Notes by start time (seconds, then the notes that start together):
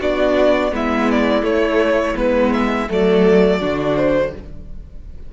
0.00 B3 D4 F#4 D5
0.71 G#3 B3 E4 E5
1.11 D5
1.42 A3 C#5
2.16 G#3 B3 B4
2.53 E5
2.88 F#3 A3 A4 D5
3.60 D3 D4 F#4
3.96 C5